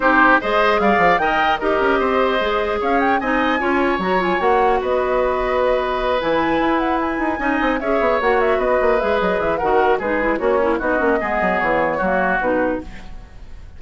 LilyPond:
<<
  \new Staff \with { instrumentName = "flute" } { \time 4/4 \tempo 4 = 150 c''4 dis''4 f''4 g''4 | dis''2. f''8 g''8 | gis''2 ais''8 gis''8 fis''4 | dis''2.~ dis''8 gis''8~ |
gis''4 fis''8 gis''2 e''8~ | e''8 fis''8 e''8 dis''4 e''8 dis''8 e''8 | fis''4 b'4 cis''4 dis''4~ | dis''4 cis''2 b'4 | }
  \new Staff \with { instrumentName = "oboe" } { \time 4/4 g'4 c''4 d''4 dis''4 | ais'4 c''2 cis''4 | dis''4 cis''2. | b'1~ |
b'2~ b'8 dis''4 cis''8~ | cis''4. b'2~ b'8 | ais'4 gis'4 cis'4 fis'4 | gis'2 fis'2 | }
  \new Staff \with { instrumentName = "clarinet" } { \time 4/4 dis'4 gis'2 ais'4 | g'2 gis'2 | dis'4 f'4 fis'8 f'8 fis'4~ | fis'2.~ fis'8 e'8~ |
e'2~ e'8 dis'4 gis'8~ | gis'8 fis'2 gis'4. | fis'4 dis'8 e'8 fis'8 e'8 dis'8 cis'8 | b2 ais4 dis'4 | }
  \new Staff \with { instrumentName = "bassoon" } { \time 4/4 c'4 gis4 g8 f8 dis4 | dis'8 cis'8 c'4 gis4 cis'4 | c'4 cis'4 fis4 ais4 | b2.~ b8 e8~ |
e8 e'4. dis'8 cis'8 c'8 cis'8 | b8 ais4 b8 ais8 gis8 fis8 e8 | dis4 gis4 ais4 b8 ais8 | gis8 fis8 e4 fis4 b,4 | }
>>